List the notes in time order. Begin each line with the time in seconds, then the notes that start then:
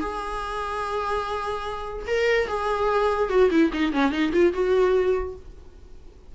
0.00 G#4
2.07 A#4
2.47 G#4
3.29 F#4
3.50 E4
3.73 D#4
3.92 C#4
4.12 D#4
4.32 F4
4.53 F#4